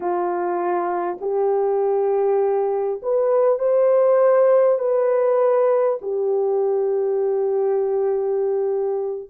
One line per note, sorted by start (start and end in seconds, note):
0.00 1.17 F4
1.20 3.00 G4
3.02 3.58 B4
3.58 4.78 C5
4.78 5.98 B4
6.01 9.29 G4